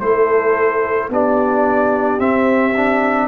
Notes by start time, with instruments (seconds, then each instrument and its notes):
0.00 tuba A3, trombone E4, horn A4, trumpet C5
1.09 tuba B3, trombone D4, horn G4, trumpet D5
2.19 trombone C4, tuba C4, trumpet E5
2.77 trombone D4